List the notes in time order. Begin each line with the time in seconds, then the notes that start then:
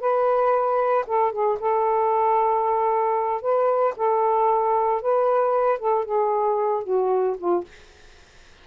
0.00 B4
1.07 A4
1.32 G#4
1.60 A4
3.42 B4
3.96 A4
5.02 B4
5.79 A4
6.05 G#4
6.83 F#4
7.38 F4